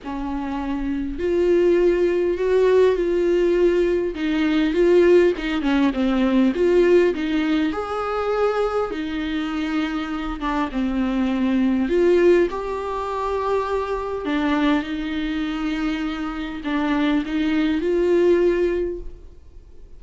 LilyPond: \new Staff \with { instrumentName = "viola" } { \time 4/4 \tempo 4 = 101 cis'2 f'2 | fis'4 f'2 dis'4 | f'4 dis'8 cis'8 c'4 f'4 | dis'4 gis'2 dis'4~ |
dis'4. d'8 c'2 | f'4 g'2. | d'4 dis'2. | d'4 dis'4 f'2 | }